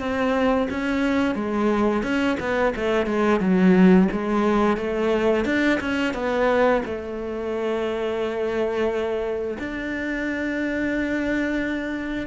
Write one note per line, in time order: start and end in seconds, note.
0.00 0.68 C4
0.70 1.35 C#4
1.35 2.03 G#3
2.03 2.37 C#4
2.40 2.74 B3
2.76 3.07 A3
3.07 3.40 G#3
3.40 4.08 F#3
4.12 4.77 G#3
4.77 5.45 A3
5.45 5.79 D4
5.80 6.14 C#4
6.14 6.82 B3
6.85 9.58 A3
9.59 12.27 D4